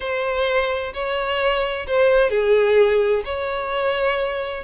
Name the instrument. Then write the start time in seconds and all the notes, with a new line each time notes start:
violin
0.00 C5
0.93 C#5
1.87 C5
2.30 G#4
3.24 C#5